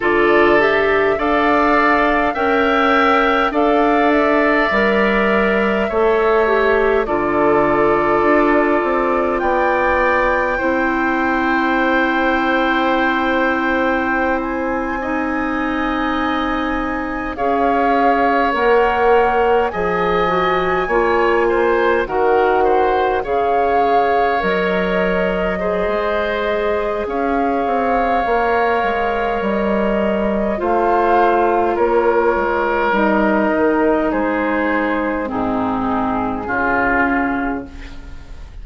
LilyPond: <<
  \new Staff \with { instrumentName = "flute" } { \time 4/4 \tempo 4 = 51 d''8 e''8 f''4 g''4 f''8 e''8~ | e''2 d''2 | g''1~ | g''16 gis''2~ gis''8 f''4 fis''16~ |
fis''8. gis''2 fis''4 f''16~ | f''8. dis''2~ dis''16 f''4~ | f''4 dis''4 f''4 cis''4 | dis''4 c''4 gis'2 | }
  \new Staff \with { instrumentName = "oboe" } { \time 4/4 a'4 d''4 e''4 d''4~ | d''4 cis''4 a'2 | d''4 c''2.~ | c''8. dis''2 cis''4~ cis''16~ |
cis''8. dis''4 cis''8 c''8 ais'8 c''8 cis''16~ | cis''4.~ cis''16 c''4~ c''16 cis''4~ | cis''2 c''4 ais'4~ | ais'4 gis'4 dis'4 f'4 | }
  \new Staff \with { instrumentName = "clarinet" } { \time 4/4 f'8 g'8 a'4 ais'4 a'4 | ais'4 a'8 g'8 f'2~ | f'4 e'2.~ | e'8. dis'2 gis'4 ais'16~ |
ais'8. gis'8 fis'8 f'4 fis'4 gis'16~ | gis'8. ais'4 gis'2~ gis'16 | ais'2 f'2 | dis'2 c'4 cis'4 | }
  \new Staff \with { instrumentName = "bassoon" } { \time 4/4 d4 d'4 cis'4 d'4 | g4 a4 d4 d'8 c'8 | b4 c'2.~ | c'2~ c'8. cis'4 ais16~ |
ais8. f4 ais4 dis4 cis16~ | cis8. fis4~ fis16 gis4 cis'8 c'8 | ais8 gis8 g4 a4 ais8 gis8 | g8 dis8 gis4 gis,4 cis4 | }
>>